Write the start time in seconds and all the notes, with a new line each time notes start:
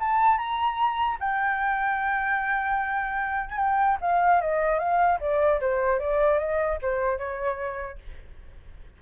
0.00 A5
0.38 A#5
1.20 G5
3.50 G#5
3.58 G5
4.01 F5
4.41 D#5
4.79 F5
5.21 D5
5.61 C5
6.00 D5
6.39 D#5
6.82 C5
7.19 C#5